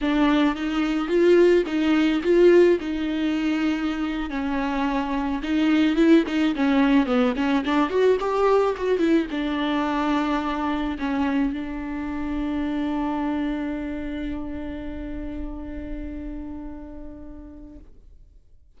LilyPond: \new Staff \with { instrumentName = "viola" } { \time 4/4 \tempo 4 = 108 d'4 dis'4 f'4 dis'4 | f'4 dis'2~ dis'8. cis'16~ | cis'4.~ cis'16 dis'4 e'8 dis'8 cis'16~ | cis'8. b8 cis'8 d'8 fis'8 g'4 fis'16~ |
fis'16 e'8 d'2. cis'16~ | cis'8. d'2.~ d'16~ | d'1~ | d'1 | }